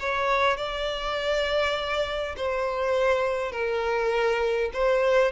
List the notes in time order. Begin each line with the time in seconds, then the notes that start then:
0.00 C#5
0.57 D5
2.37 C5
3.52 A#4
4.73 C5